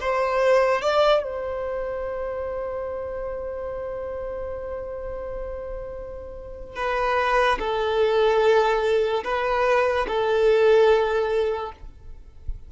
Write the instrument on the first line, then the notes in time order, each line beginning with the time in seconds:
violin
0.00 C5
0.81 D5
1.23 C5
6.76 B4
7.59 A4
9.24 B4
10.07 A4